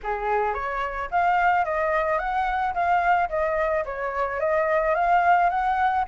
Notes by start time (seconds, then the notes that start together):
0.03 G#4
0.54 C#5
1.10 F5
1.64 D#5
2.18 F#5
2.73 F5
3.29 D#5
3.85 C#5
4.39 D#5
4.94 F5
5.49 F#5